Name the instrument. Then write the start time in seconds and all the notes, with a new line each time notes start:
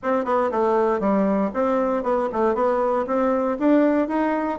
bassoon
0.02 C4
0.24 B3
0.51 A3
0.99 G3
1.53 C4
2.03 B3
2.32 A3
2.54 B3
3.06 C4
3.59 D4
4.08 D#4